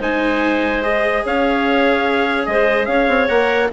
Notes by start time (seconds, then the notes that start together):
0.00 G#3 D#4 C5 G#5
0.82 G#4 D#5
1.25 C#4 C#5 F5
2.46 G#3 C5 D#5
2.86 C#4 C#5 F5
3.08 C4
3.29 A#3 A#4 F#5